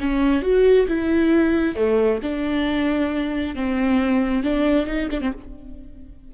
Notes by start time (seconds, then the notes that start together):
0.00 C#4
0.42 F#4
0.88 E4
1.76 A3
2.23 D4
3.55 C4
4.43 D4
4.87 D#4
5.11 D4
5.21 C4